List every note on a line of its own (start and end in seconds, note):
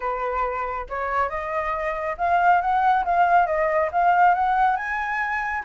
0.00 0.86 B4
0.89 1.29 C#5
1.29 2.16 D#5
2.17 2.61 F5
2.61 3.04 F#5
3.04 3.46 F5
3.46 3.89 D#5
3.92 4.34 F5
4.34 4.76 F#5
4.76 5.63 G#5